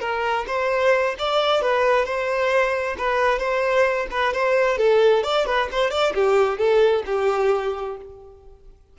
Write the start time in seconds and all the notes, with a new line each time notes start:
0.00 A#4
0.47 C5
1.19 D5
1.62 B4
2.05 C5
2.98 B4
3.39 C5
4.11 B4
4.33 C5
4.78 A4
5.23 D5
5.46 B4
5.72 C5
5.90 D5
6.15 G4
6.58 A4
7.06 G4